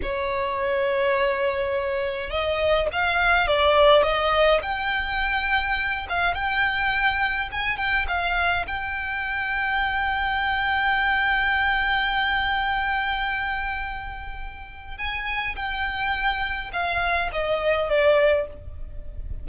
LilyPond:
\new Staff \with { instrumentName = "violin" } { \time 4/4 \tempo 4 = 104 cis''1 | dis''4 f''4 d''4 dis''4 | g''2~ g''8 f''8 g''4~ | g''4 gis''8 g''8 f''4 g''4~ |
g''1~ | g''1~ | g''2 gis''4 g''4~ | g''4 f''4 dis''4 d''4 | }